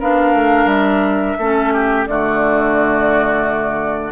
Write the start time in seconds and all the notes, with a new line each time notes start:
0.00 B3 D4 A#4 F5
0.33 A3
0.66 G3 E5
1.39 A3 C#4 A4
1.74 G4
2.07 D3 A3 F#4 D5